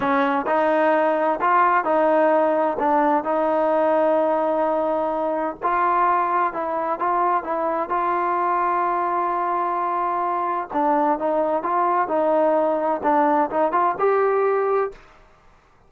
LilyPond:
\new Staff \with { instrumentName = "trombone" } { \time 4/4 \tempo 4 = 129 cis'4 dis'2 f'4 | dis'2 d'4 dis'4~ | dis'1 | f'2 e'4 f'4 |
e'4 f'2.~ | f'2. d'4 | dis'4 f'4 dis'2 | d'4 dis'8 f'8 g'2 | }